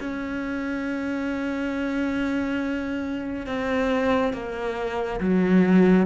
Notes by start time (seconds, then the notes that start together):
0.00 C#4
3.47 C4
4.33 A#3
5.21 F#3